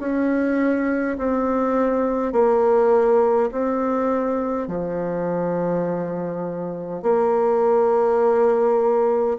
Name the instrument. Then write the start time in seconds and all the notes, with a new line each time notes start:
bassoon
0.00 C#4
1.19 C4
2.33 A#3
3.52 C4
4.68 F3
7.03 A#3